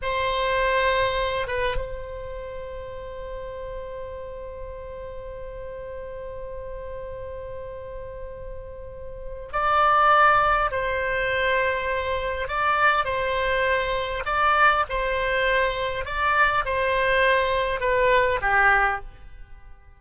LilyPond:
\new Staff \with { instrumentName = "oboe" } { \time 4/4 \tempo 4 = 101 c''2~ c''8 b'8 c''4~ | c''1~ | c''1~ | c''1 |
d''2 c''2~ | c''4 d''4 c''2 | d''4 c''2 d''4 | c''2 b'4 g'4 | }